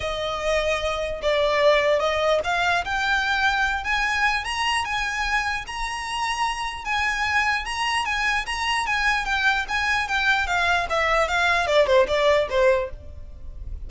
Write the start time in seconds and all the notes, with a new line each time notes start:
0.00 D#5
1.22 D5
1.99 D#5
2.44 F5
2.84 G5
3.84 G#5
4.44 A#5
4.84 G#5
5.66 A#5
6.84 G#5
7.65 A#5
8.05 G#5
8.46 A#5
8.86 G#5
9.25 G5
9.68 G#5
10.07 G5
10.46 F5
10.89 E5
11.28 F5
11.66 D5
11.86 C5
12.07 D5
12.49 C5